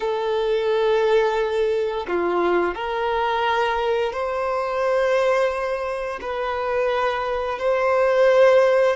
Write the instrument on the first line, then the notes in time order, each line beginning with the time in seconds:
violin
0.00 A4
2.07 F4
2.75 A#4
4.13 C5
6.21 B4
7.59 C5